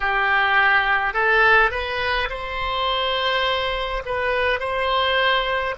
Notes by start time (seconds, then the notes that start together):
0.00 G4
1.13 A4
1.70 B4
2.29 C5
4.05 B4
4.59 C5